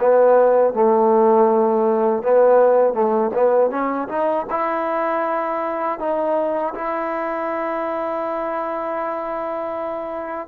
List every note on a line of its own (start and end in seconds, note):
0.00 0.73 B3
0.73 2.23 A3
2.23 2.94 B3
2.94 3.31 A3
3.34 3.71 B3
3.71 4.08 C#4
4.08 4.46 D#4
4.50 5.99 E4
5.99 6.74 D#4
6.74 10.48 E4